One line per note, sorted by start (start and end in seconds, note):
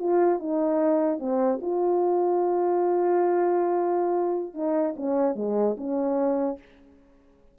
0.00 0.40 F4
0.40 1.19 D#4
1.19 1.60 C4
1.62 4.54 F4
4.54 4.95 D#4
4.97 5.36 C#4
5.36 5.76 G#3
5.78 6.59 C#4